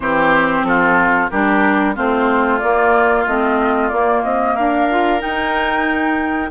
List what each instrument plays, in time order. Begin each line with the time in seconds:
0.00 bassoon E3, clarinet C4, oboe G4, flute C5
0.62 bassoon F3, oboe F4, flute A4
1.30 bassoon G3, clarinet D4, oboe G4, flute A#4
1.95 bassoon A3, clarinet C4, oboe F4, flute C5
2.58 clarinet A#3, bassoon A#3, flute D5
3.26 bassoon A3, clarinet C4, flute D#5
3.88 clarinet A#3, bassoon A#3, flute D5
4.23 bassoon C4, flute D#5
4.54 bassoon D4, oboe A#4, flute F5
4.90 clarinet F4
5.18 clarinet D#4, bassoon D#4, flute G5